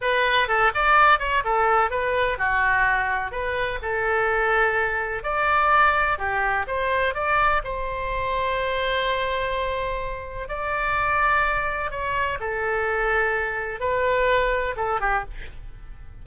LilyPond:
\new Staff \with { instrumentName = "oboe" } { \time 4/4 \tempo 4 = 126 b'4 a'8 d''4 cis''8 a'4 | b'4 fis'2 b'4 | a'2. d''4~ | d''4 g'4 c''4 d''4 |
c''1~ | c''2 d''2~ | d''4 cis''4 a'2~ | a'4 b'2 a'8 g'8 | }